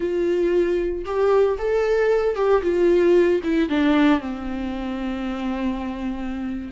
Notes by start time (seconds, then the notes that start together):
0.00 F4
1.05 G4
1.58 A4
2.35 G4
2.62 F4
3.43 E4
3.69 D4
4.20 C4